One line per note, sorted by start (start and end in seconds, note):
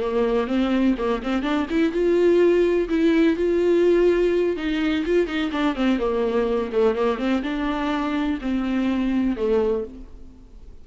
0.00 0.47 A#3
0.47 0.95 C4
0.98 1.22 A#3
1.23 1.42 C4
1.42 1.66 D4
1.70 1.92 E4
1.92 2.88 F4
2.89 3.36 E4
3.36 4.56 F4
4.56 5.04 D#4
5.06 5.27 F4
5.27 5.51 D#4
5.52 5.75 D4
5.75 5.99 C4
5.99 6.71 A#3
6.73 6.95 A3
6.95 7.18 A#3
7.18 7.42 C4
7.43 8.39 D4
8.41 9.36 C4
9.36 9.84 A3